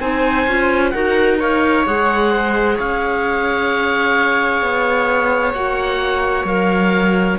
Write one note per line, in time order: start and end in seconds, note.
0.00 0.46 C4
0.00 0.47 D#4
0.00 0.93 C5
0.00 0.90 G#5
0.47 0.93 C#4
0.47 0.94 F4
0.90 1.86 D#4
0.90 1.38 F#4
0.90 1.40 A#4
0.90 1.37 F#5
1.38 1.84 A#4
1.38 2.31 C#5
1.38 1.87 F5
1.86 2.79 G#3
1.86 5.55 G#4
1.86 2.79 F#5
2.31 2.77 C5
2.77 4.62 C#4
2.77 7.38 C#5
2.77 5.54 F5
4.62 5.54 B3
5.54 6.44 A#3
5.54 6.47 F#4
5.54 6.46 F#5
6.44 7.37 F#3
6.44 7.39 A#4
6.44 7.39 F5